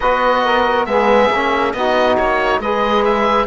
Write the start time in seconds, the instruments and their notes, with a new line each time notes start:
0.00 cello B3, trombone F#4, saxophone B4, oboe D#5
0.44 saxophone A#4
0.85 cello G#3, trombone B3, saxophone G#4, oboe E5
1.30 cello A#3, trombone C#4
1.72 cello B3, trombone D#4, saxophone F#4, oboe D#5
2.17 cello A#3, oboe C#5
2.59 cello G#3, trombone G#4, saxophone B4, oboe D#5
3.04 oboe E5